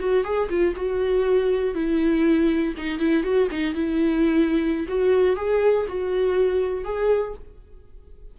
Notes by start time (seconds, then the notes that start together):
0.00 F#4
0.24 G#4
0.50 F4
0.77 F#4
1.75 E4
2.78 D#4
2.99 E4
3.24 F#4
3.51 D#4
3.75 E4
4.88 F#4
5.36 G#4
5.88 F#4
6.84 G#4